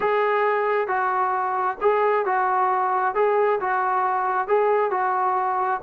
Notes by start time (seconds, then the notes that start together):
0.00 G#4
0.87 F#4
1.81 G#4
2.25 F#4
3.14 G#4
3.60 F#4
4.47 G#4
4.91 F#4